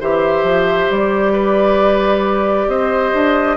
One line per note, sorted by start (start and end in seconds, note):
0.00 0.43 E3
0.00 3.57 G4
0.00 1.32 C5
0.00 0.91 E5
0.43 0.87 F3
0.90 2.67 G3
0.90 2.69 D5
1.32 2.67 B4
2.67 3.12 C4
2.67 3.57 C5
2.67 3.57 D#5
3.13 3.57 D4